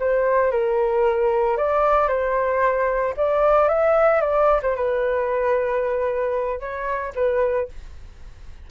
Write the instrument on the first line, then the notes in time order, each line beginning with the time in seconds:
flute
0.00 C5
0.51 A#4
1.58 D5
2.08 C5
3.17 D5
3.69 E5
4.21 D5
4.63 C5
4.76 B4
6.60 C#5
7.16 B4